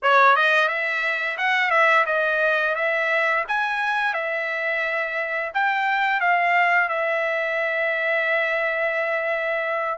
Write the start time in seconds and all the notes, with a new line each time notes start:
0.02 C#5
0.35 D#5
0.68 E5
1.37 F#5
1.70 E5
2.06 D#5
2.75 E5
3.47 G#5
4.13 E5
5.54 G5
6.20 F5
6.88 E5